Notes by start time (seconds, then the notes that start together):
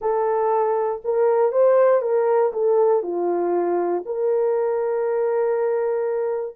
0.01 A4
1.04 A#4
1.51 C5
2.01 A#4
2.52 A4
3.02 F4
4.05 A#4